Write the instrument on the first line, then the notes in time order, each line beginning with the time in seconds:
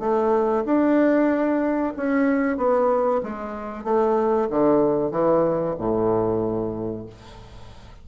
bassoon
0.00 A3
0.66 D4
1.97 C#4
2.58 B3
3.24 G#3
3.84 A3
4.50 D3
5.12 E3
5.79 A2